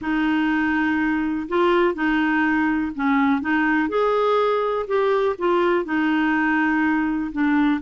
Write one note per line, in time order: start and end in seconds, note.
0.01 1.47 D#4
1.48 1.94 F4
1.94 2.92 D#4
2.95 3.41 C#4
3.41 3.88 D#4
3.88 4.86 G#4
4.87 5.36 G4
5.38 5.84 F4
5.84 7.31 D#4
7.32 7.80 D4